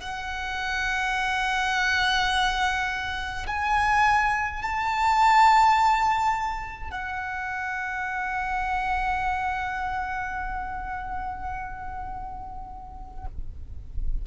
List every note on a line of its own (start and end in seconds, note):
0.00 3.46 F#5
3.47 4.62 G#5
4.62 6.90 A5
6.90 13.25 F#5